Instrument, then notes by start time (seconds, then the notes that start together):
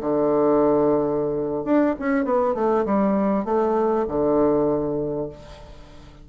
bassoon
0.00 D3
1.64 D4
1.99 C#4
2.25 B3
2.54 A3
2.85 G3
3.45 A3
4.08 D3